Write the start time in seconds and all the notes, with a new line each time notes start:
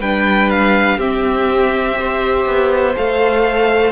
0.00 G3 D4 B4 G5
0.51 F5
0.98 C4 G4 E5
1.95 G4 C5
2.47 B3
2.96 A3 A4 F5